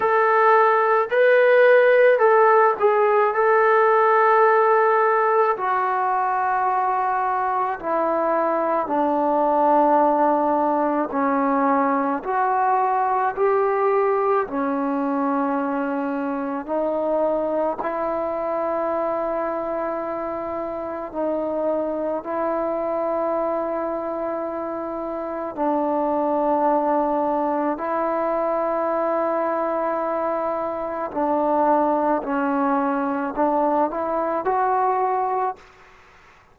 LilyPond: \new Staff \with { instrumentName = "trombone" } { \time 4/4 \tempo 4 = 54 a'4 b'4 a'8 gis'8 a'4~ | a'4 fis'2 e'4 | d'2 cis'4 fis'4 | g'4 cis'2 dis'4 |
e'2. dis'4 | e'2. d'4~ | d'4 e'2. | d'4 cis'4 d'8 e'8 fis'4 | }